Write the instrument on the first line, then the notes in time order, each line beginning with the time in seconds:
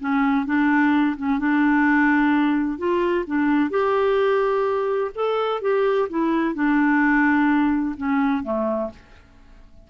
clarinet
0.00 C#4
0.46 D4
1.17 C#4
1.39 D4
2.78 F4
3.26 D4
3.70 G4
5.15 A4
5.61 G4
6.09 E4
6.55 D4
7.97 C#4
8.43 A3